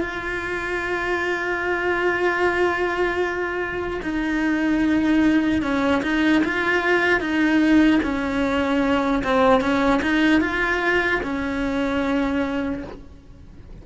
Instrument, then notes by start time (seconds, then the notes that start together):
cello
0.00 F4
4.02 D#4
5.62 C#4
6.02 D#4
6.44 F4
7.20 D#4
8.03 C#4
9.24 C4
9.60 C#4
10.02 D#4
10.41 F4
11.23 C#4